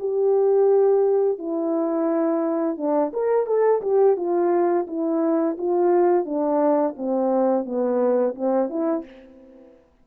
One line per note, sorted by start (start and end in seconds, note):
0.00 1.39 G4
1.39 2.77 E4
2.77 3.12 D4
3.14 3.47 A#4
3.47 3.82 A4
3.82 4.17 G4
4.17 4.87 F4
4.88 5.58 E4
5.58 6.25 F4
6.25 6.95 D4
6.97 7.66 C4
7.66 8.35 B3
8.36 8.70 C4
8.70 9.05 E4